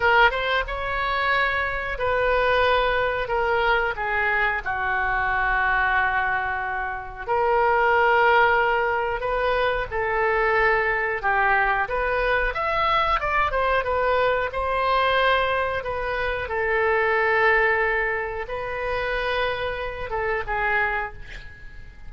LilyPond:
\new Staff \with { instrumentName = "oboe" } { \time 4/4 \tempo 4 = 91 ais'8 c''8 cis''2 b'4~ | b'4 ais'4 gis'4 fis'4~ | fis'2. ais'4~ | ais'2 b'4 a'4~ |
a'4 g'4 b'4 e''4 | d''8 c''8 b'4 c''2 | b'4 a'2. | b'2~ b'8 a'8 gis'4 | }